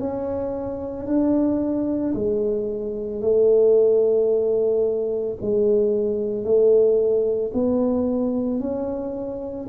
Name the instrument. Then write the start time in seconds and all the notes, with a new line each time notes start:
tuba
0.00 C#4
1.06 D4
2.14 G#3
3.21 A3
5.41 G#3
6.44 A3
7.53 B3
8.60 C#4